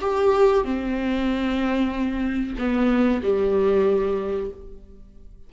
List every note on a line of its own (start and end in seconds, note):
0.00 0.64 G4
0.64 2.55 C4
2.58 3.22 B3
3.22 4.50 G3